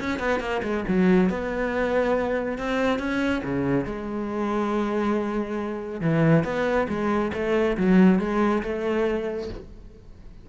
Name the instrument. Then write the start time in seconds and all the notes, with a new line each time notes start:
cello
0.00 C#4
0.19 B3
0.40 A#3
0.62 G#3
0.88 F#3
1.29 B3
2.58 C4
2.99 C#4
3.44 C#3
3.85 G#3
6.01 E3
6.44 B3
6.88 G#3
7.34 A3
7.77 F#3
8.19 G#3
8.63 A3